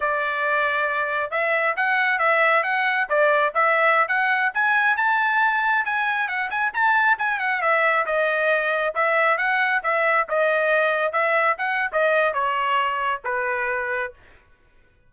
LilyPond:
\new Staff \with { instrumentName = "trumpet" } { \time 4/4 \tempo 4 = 136 d''2. e''4 | fis''4 e''4 fis''4 d''4 | e''4~ e''16 fis''4 gis''4 a''8.~ | a''4~ a''16 gis''4 fis''8 gis''8 a''8.~ |
a''16 gis''8 fis''8 e''4 dis''4.~ dis''16~ | dis''16 e''4 fis''4 e''4 dis''8.~ | dis''4~ dis''16 e''4 fis''8. dis''4 | cis''2 b'2 | }